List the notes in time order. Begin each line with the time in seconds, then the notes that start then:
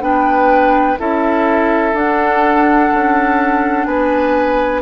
0.00 B3 D4 B4 G5
0.98 C#4 E4 A4 E5
1.93 D4 F#5
2.93 C#4
3.84 B3 B4 G#5